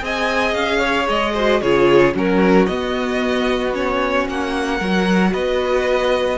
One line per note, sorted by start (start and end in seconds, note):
0.00 0.55 C4
0.00 1.33 G#4
0.00 0.80 D#5
0.00 0.55 G#5
0.55 1.08 C#4
0.55 1.08 F5
0.80 1.33 C#5
1.09 1.62 G#3
1.09 1.62 D#5
1.35 1.62 F#4
1.35 1.61 C5
1.62 2.14 C#3
1.62 2.14 F4
1.62 2.15 G#4
1.62 2.15 C#5
2.14 2.68 F#3
2.14 2.67 C#4
2.14 4.78 F#4
2.14 2.67 A#4
2.67 4.28 B3
2.67 3.74 B3
2.67 3.73 D#5
3.74 4.80 C#4
3.74 4.29 C#5
4.29 4.81 A#3
4.29 5.33 F#5
4.78 5.34 F#3
4.78 6.38 F#4
4.78 5.31 A#4
5.33 6.38 B3
5.33 6.38 B4
5.33 6.38 D#5